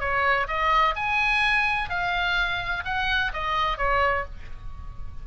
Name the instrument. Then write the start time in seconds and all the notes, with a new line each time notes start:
oboe
0.00 C#5
0.47 D#5
0.96 G#5
1.90 F5
2.85 F#5
3.33 D#5
3.78 C#5